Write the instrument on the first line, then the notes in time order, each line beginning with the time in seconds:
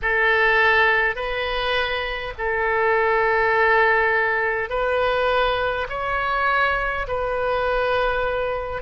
oboe
0.02 A4
1.15 B4
2.38 A4
4.69 B4
5.89 C#5
7.07 B4